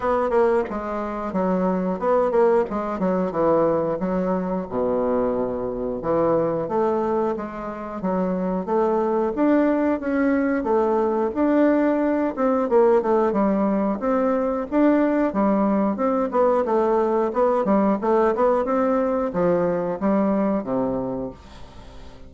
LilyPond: \new Staff \with { instrumentName = "bassoon" } { \time 4/4 \tempo 4 = 90 b8 ais8 gis4 fis4 b8 ais8 | gis8 fis8 e4 fis4 b,4~ | b,4 e4 a4 gis4 | fis4 a4 d'4 cis'4 |
a4 d'4. c'8 ais8 a8 | g4 c'4 d'4 g4 | c'8 b8 a4 b8 g8 a8 b8 | c'4 f4 g4 c4 | }